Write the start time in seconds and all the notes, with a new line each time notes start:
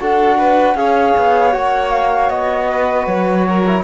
0.00 D4 F#4 A4 F#5
0.38 B4
0.75 C#4 G#4 C#5 F5
1.17 B3
1.52 A#3 F#4 F#5
1.91 F5
2.29 B3 D#5
2.71 B4
3.06 F#3 C#5
3.49 A#4
3.67 E4